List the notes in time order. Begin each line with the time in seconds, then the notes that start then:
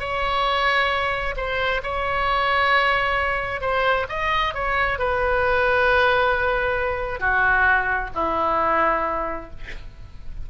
0.00 C#5
1.37 C5
1.83 C#5
3.61 C5
4.09 D#5
4.55 C#5
4.99 B4
7.20 F#4
8.15 E4